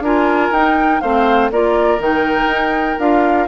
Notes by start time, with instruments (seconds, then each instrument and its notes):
0.00 bassoon D4, clarinet F4, oboe A#4, flute G#5
0.51 bassoon D#4, clarinet D#4, flute G5
1.01 bassoon A3, clarinet C4, oboe C5, flute F5
1.51 bassoon A#3, clarinet F4, oboe A#4, flute D5
1.99 bassoon D#3, clarinet D#4, flute G5
2.46 bassoon D#4
2.99 bassoon D4, clarinet F4, flute F5